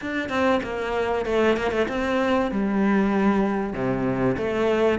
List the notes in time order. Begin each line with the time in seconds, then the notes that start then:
0.01 D4
0.29 C4
0.62 A#3
1.25 A3
1.56 A#3
1.71 A3
1.88 C4
2.51 G3
3.73 C3
4.37 A3